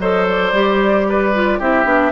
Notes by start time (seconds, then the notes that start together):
0.00 F#3 A4 C5 D#5
0.29 D5
0.53 G3 G4
1.09 B4
1.34 F4
1.59 C4 E4 G4 E5
1.85 B3 D4